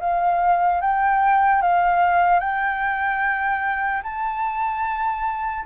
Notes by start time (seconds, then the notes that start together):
0.00 F5
0.81 G5
1.62 F5
2.40 G5
4.03 A5